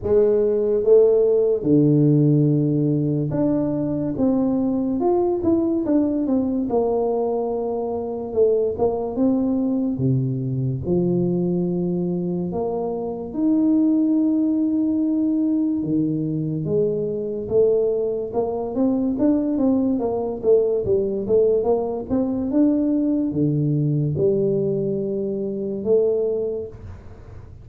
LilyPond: \new Staff \with { instrumentName = "tuba" } { \time 4/4 \tempo 4 = 72 gis4 a4 d2 | d'4 c'4 f'8 e'8 d'8 c'8 | ais2 a8 ais8 c'4 | c4 f2 ais4 |
dis'2. dis4 | gis4 a4 ais8 c'8 d'8 c'8 | ais8 a8 g8 a8 ais8 c'8 d'4 | d4 g2 a4 | }